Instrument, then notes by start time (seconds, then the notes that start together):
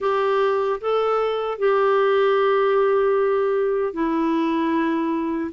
clarinet
0.00 G4
0.81 A4
1.58 G4
3.93 E4